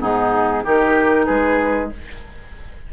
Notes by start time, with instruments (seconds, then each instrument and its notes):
0.00 bassoon G#2, clarinet B3, oboe D#4, flute G#4
0.63 bassoon D#3, clarinet D#4, oboe G4, flute A#4
1.25 bassoon G#3, oboe G#4, flute B4